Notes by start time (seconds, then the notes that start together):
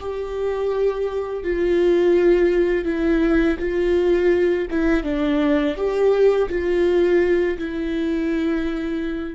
0.00 G4
1.44 F4
2.85 E4
3.60 F4
4.71 E4
5.04 D4
5.77 G4
6.50 F4
7.59 E4